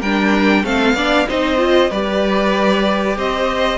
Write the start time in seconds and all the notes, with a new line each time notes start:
0.00 G3 D4 A#4 G5
0.64 A3 C4 A4 F5
0.94 B3 D4 D5
1.28 C4 D#4 C5 D#5
1.57 F4
1.90 G3 G4 B4 D5
3.17 C4 C5 D#5